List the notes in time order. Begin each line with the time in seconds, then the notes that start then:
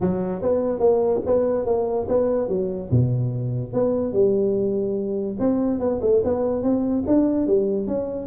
0.00 F#3
0.42 B3
0.79 A#3
1.25 B3
1.65 A#3
2.08 B3
2.48 F#3
2.90 B2
3.73 B3
4.12 G3
5.39 C4
5.79 B3
6.01 A3
6.24 B3
6.62 C4
7.06 D4
7.46 G3
7.87 C#4